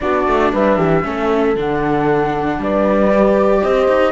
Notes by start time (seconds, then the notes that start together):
0.00 B3 D4 F#4 D5
0.27 A3
0.52 G3 B4 E5
0.77 E3 G4
1.03 A3 C#4 A4
1.55 D3 D4 F#5
2.58 G3 B4 D5
3.10 G4
3.62 C4 C5 D#5
3.88 D#4